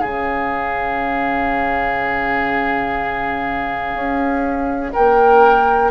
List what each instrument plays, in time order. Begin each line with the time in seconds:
0.00 bassoon C#3, clarinet C#4, oboe G#4, flute F5
3.94 bassoon C#4
4.93 bassoon A#3, oboe A#4, flute G5